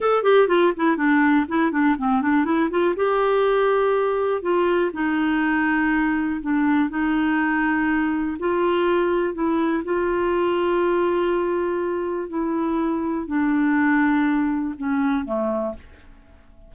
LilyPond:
\new Staff \with { instrumentName = "clarinet" } { \time 4/4 \tempo 4 = 122 a'8 g'8 f'8 e'8 d'4 e'8 d'8 | c'8 d'8 e'8 f'8 g'2~ | g'4 f'4 dis'2~ | dis'4 d'4 dis'2~ |
dis'4 f'2 e'4 | f'1~ | f'4 e'2 d'4~ | d'2 cis'4 a4 | }